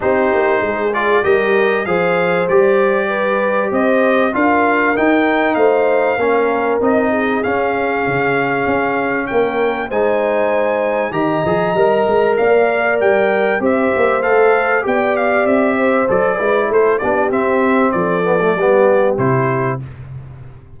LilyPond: <<
  \new Staff \with { instrumentName = "trumpet" } { \time 4/4 \tempo 4 = 97 c''4. d''8 dis''4 f''4 | d''2 dis''4 f''4 | g''4 f''2 dis''4 | f''2. g''4 |
gis''2 ais''2 | f''4 g''4 e''4 f''4 | g''8 f''8 e''4 d''4 c''8 d''8 | e''4 d''2 c''4 | }
  \new Staff \with { instrumentName = "horn" } { \time 4/4 g'4 gis'4 ais'4 c''4~ | c''4 b'4 c''4 ais'4~ | ais'4 c''4 ais'4. gis'8~ | gis'2. ais'4 |
c''2 dis''2 | d''2 c''2 | d''4. c''4 b'8 a'8 g'8~ | g'4 a'4 g'2 | }
  \new Staff \with { instrumentName = "trombone" } { \time 4/4 dis'4. f'8 g'4 gis'4 | g'2. f'4 | dis'2 cis'4 dis'4 | cis'1 |
dis'2 g'8 gis'8 ais'4~ | ais'2 g'4 a'4 | g'2 a'8 e'4 d'8 | c'4. b16 a16 b4 e'4 | }
  \new Staff \with { instrumentName = "tuba" } { \time 4/4 c'8 ais8 gis4 g4 f4 | g2 c'4 d'4 | dis'4 a4 ais4 c'4 | cis'4 cis4 cis'4 ais4 |
gis2 dis8 f8 g8 gis8 | ais4 g4 c'8 ais8 a4 | b4 c'4 fis8 gis8 a8 b8 | c'4 f4 g4 c4 | }
>>